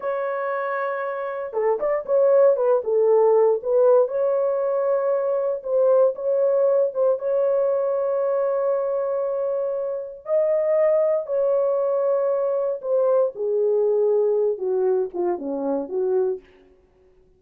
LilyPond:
\new Staff \with { instrumentName = "horn" } { \time 4/4 \tempo 4 = 117 cis''2. a'8 d''8 | cis''4 b'8 a'4. b'4 | cis''2. c''4 | cis''4. c''8 cis''2~ |
cis''1 | dis''2 cis''2~ | cis''4 c''4 gis'2~ | gis'8 fis'4 f'8 cis'4 fis'4 | }